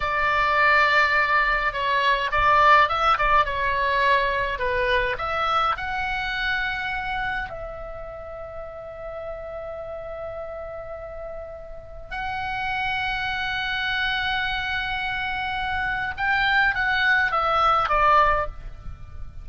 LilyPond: \new Staff \with { instrumentName = "oboe" } { \time 4/4 \tempo 4 = 104 d''2. cis''4 | d''4 e''8 d''8 cis''2 | b'4 e''4 fis''2~ | fis''4 e''2.~ |
e''1~ | e''4 fis''2.~ | fis''1 | g''4 fis''4 e''4 d''4 | }